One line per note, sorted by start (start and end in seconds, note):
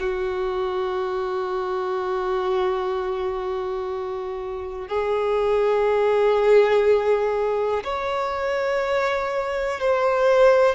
0.00 4.88 F#4
4.88 7.83 G#4
7.84 9.80 C#5
9.80 10.75 C5